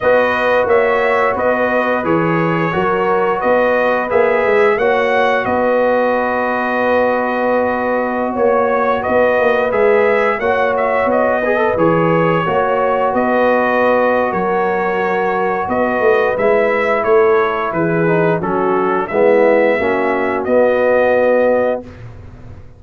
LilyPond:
<<
  \new Staff \with { instrumentName = "trumpet" } { \time 4/4 \tempo 4 = 88 dis''4 e''4 dis''4 cis''4~ | cis''4 dis''4 e''4 fis''4 | dis''1~ | dis''16 cis''4 dis''4 e''4 fis''8 e''16~ |
e''16 dis''4 cis''2 dis''8.~ | dis''4 cis''2 dis''4 | e''4 cis''4 b'4 a'4 | e''2 dis''2 | }
  \new Staff \with { instrumentName = "horn" } { \time 4/4 b'4 cis''4 b'2 | ais'4 b'2 cis''4 | b'1~ | b'16 cis''4 b'2 cis''8.~ |
cis''8. b'4. cis''4 b'8.~ | b'4 ais'2 b'4~ | b'4 a'4 gis'4 fis'4 | e'4 fis'2. | }
  \new Staff \with { instrumentName = "trombone" } { \time 4/4 fis'2. gis'4 | fis'2 gis'4 fis'4~ | fis'1~ | fis'2~ fis'16 gis'4 fis'8.~ |
fis'8. gis'16 a'16 gis'4 fis'4.~ fis'16~ | fis'1 | e'2~ e'8 dis'8 cis'4 | b4 cis'4 b2 | }
  \new Staff \with { instrumentName = "tuba" } { \time 4/4 b4 ais4 b4 e4 | fis4 b4 ais8 gis8 ais4 | b1~ | b16 ais4 b8 ais8 gis4 ais8.~ |
ais16 b4 e4 ais4 b8.~ | b4 fis2 b8 a8 | gis4 a4 e4 fis4 | gis4 ais4 b2 | }
>>